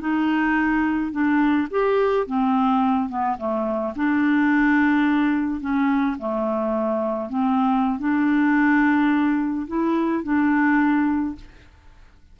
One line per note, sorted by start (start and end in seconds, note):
0.00 1.11 D#4
1.11 1.67 D4
1.70 2.26 G4
2.27 3.09 C4
3.09 3.37 B3
3.38 3.94 A3
3.95 5.60 D4
5.60 6.16 C#4
6.18 7.29 A3
7.29 7.99 C4
7.99 9.67 D4
9.67 10.23 E4
10.23 11.35 D4